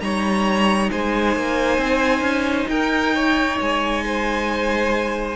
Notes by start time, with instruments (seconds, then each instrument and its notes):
0.00 cello G3, viola D#4, violin C#5 A#5
0.91 cello G#3, violin C5 G#5
1.36 cello A#3
1.78 cello C4
2.21 cello C#4
2.68 cello D#4, violin A#4 G5
3.15 violin C#5
3.61 cello G#3, violin G#5
4.06 violin C5